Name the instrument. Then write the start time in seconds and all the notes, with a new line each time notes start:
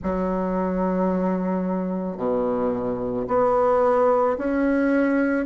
bassoon
0.02 F#3
2.17 B2
3.27 B3
4.38 C#4